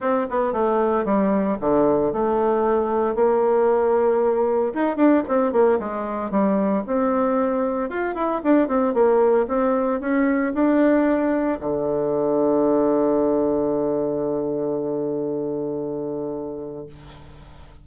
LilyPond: \new Staff \with { instrumentName = "bassoon" } { \time 4/4 \tempo 4 = 114 c'8 b8 a4 g4 d4 | a2 ais2~ | ais4 dis'8 d'8 c'8 ais8 gis4 | g4 c'2 f'8 e'8 |
d'8 c'8 ais4 c'4 cis'4 | d'2 d2~ | d1~ | d1 | }